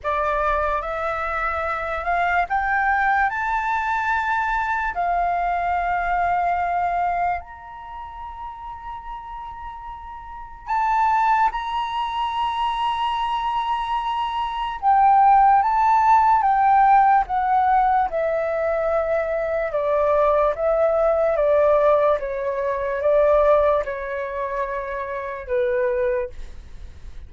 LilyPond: \new Staff \with { instrumentName = "flute" } { \time 4/4 \tempo 4 = 73 d''4 e''4. f''8 g''4 | a''2 f''2~ | f''4 ais''2.~ | ais''4 a''4 ais''2~ |
ais''2 g''4 a''4 | g''4 fis''4 e''2 | d''4 e''4 d''4 cis''4 | d''4 cis''2 b'4 | }